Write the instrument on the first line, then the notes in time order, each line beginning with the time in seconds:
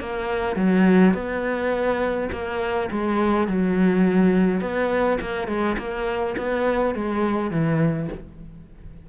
cello
0.00 A#3
0.56 F#3
1.14 B3
2.32 A#3
2.92 G#3
3.48 F#3
4.61 B3
5.21 A#3
5.48 G#3
5.78 A#3
6.37 B3
6.95 G#3
7.51 E3